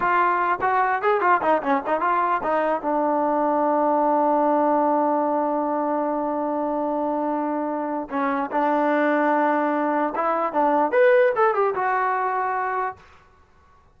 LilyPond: \new Staff \with { instrumentName = "trombone" } { \time 4/4 \tempo 4 = 148 f'4. fis'4 gis'8 f'8 dis'8 | cis'8 dis'8 f'4 dis'4 d'4~ | d'1~ | d'1~ |
d'1 | cis'4 d'2.~ | d'4 e'4 d'4 b'4 | a'8 g'8 fis'2. | }